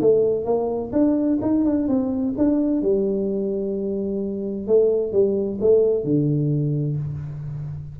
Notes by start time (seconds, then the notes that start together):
0.00 A3
0.45 A#3
0.92 D4
1.41 D#4
1.65 D4
1.88 C4
2.37 D4
2.82 G3
4.67 A3
5.12 G3
5.61 A3
6.04 D3